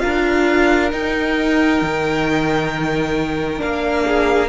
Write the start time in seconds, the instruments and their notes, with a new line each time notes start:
0.00 cello D4, viola F4, violin A#4 F5
0.92 viola D#4, cello D#4, violin G5
1.82 cello D#3
3.58 cello A#3, viola D4, violin F5
4.07 violin G#4